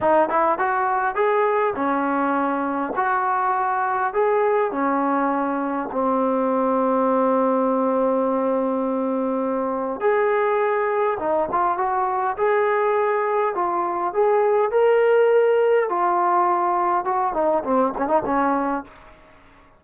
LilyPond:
\new Staff \with { instrumentName = "trombone" } { \time 4/4 \tempo 4 = 102 dis'8 e'8 fis'4 gis'4 cis'4~ | cis'4 fis'2 gis'4 | cis'2 c'2~ | c'1~ |
c'4 gis'2 dis'8 f'8 | fis'4 gis'2 f'4 | gis'4 ais'2 f'4~ | f'4 fis'8 dis'8 c'8 cis'16 dis'16 cis'4 | }